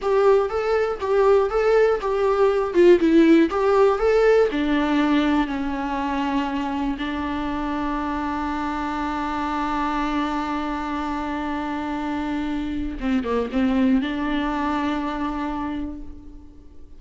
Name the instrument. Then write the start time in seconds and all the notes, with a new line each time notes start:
viola
0.01 G4
0.49 A4
1.00 G4
1.50 A4
2.00 G4
2.74 F4
2.99 E4
3.50 G4
3.98 A4
4.51 D4
5.47 C#4
6.98 D4
13.00 C4
13.24 A#3
13.52 C4
14.01 D4